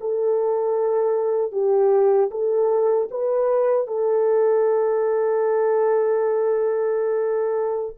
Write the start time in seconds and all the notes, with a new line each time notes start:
0.00 A4
1.52 G4
2.31 A4
3.11 B4
3.87 A4